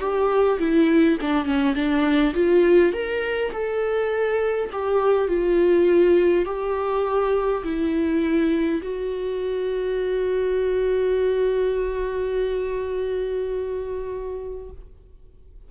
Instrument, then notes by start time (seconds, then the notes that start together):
viola
0.00 G4
0.59 E4
1.21 D4
1.45 C#4
1.75 D4
2.35 F4
2.94 A#4
3.53 A4
4.73 G4
5.28 F4
6.46 G4
7.64 E4
8.82 F#4